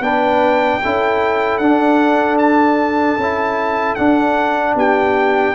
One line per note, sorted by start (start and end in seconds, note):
0.00 0.79 B3
0.00 0.81 D4
0.00 0.82 B4
0.00 1.57 G5
0.82 1.59 C#4
0.82 1.61 E4
0.82 4.76 A4
1.57 3.17 D4
1.57 3.19 D4
1.57 2.36 F#5
2.38 3.95 A5
3.17 3.96 C#4
3.17 3.97 E4
3.95 5.55 D4
3.95 4.75 D4
3.95 4.74 F#5
4.75 5.54 B3
4.75 5.55 G4
4.75 5.55 G5